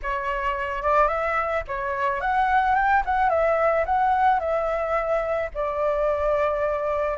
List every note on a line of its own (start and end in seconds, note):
0.02 0.82 C#5
0.82 1.08 D5
1.08 1.63 E5
1.67 2.20 C#5
2.20 2.75 F#5
2.75 3.03 G5
3.05 3.29 F#5
3.29 3.84 E5
3.85 4.39 F#5
4.39 5.49 E5
5.54 7.17 D5